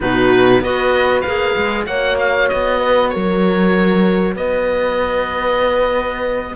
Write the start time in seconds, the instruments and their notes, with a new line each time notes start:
0.00 cello B2, clarinet D#4, horn F#4, oboe B4
0.60 cello B3, clarinet F#4, horn B4, oboe D#5
1.21 cello A#3, clarinet G#4, oboe F5
1.56 cello G#3
1.86 cello A#3, clarinet F#4, horn C#5, oboe F#5
2.18 oboe F5
2.48 cello B3, oboe D#5
2.79 horn B4
3.09 cello F#3, horn A#4, oboe C#5
4.35 cello B3, horn B4, oboe D#5